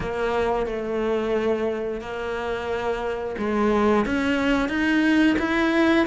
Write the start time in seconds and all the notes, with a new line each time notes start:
0.00 A#3
0.66 A3
2.00 A#3
3.38 G#3
4.05 C#4
4.69 D#4
5.38 E4